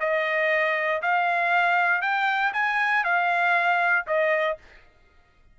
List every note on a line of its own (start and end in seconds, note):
0.00 1.02 D#5
1.02 2.02 F5
2.02 2.52 G5
2.53 3.04 G#5
3.04 4.06 F5
4.07 4.58 D#5